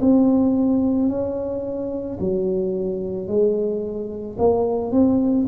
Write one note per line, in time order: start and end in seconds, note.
0.00 1.09 C4
1.09 2.18 C#4
2.20 3.27 F#3
3.27 4.36 G#3
4.38 4.91 A#3
4.91 5.46 C4